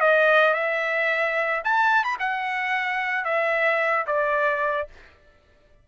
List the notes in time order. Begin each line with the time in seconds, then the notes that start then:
0.00 D#5
0.54 E5
1.64 A5
2.03 B5
2.19 F#5
3.25 E5
4.06 D5